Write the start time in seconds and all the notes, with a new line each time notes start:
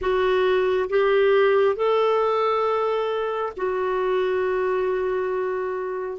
0.01 F#4
0.89 G4
1.76 A4
3.56 F#4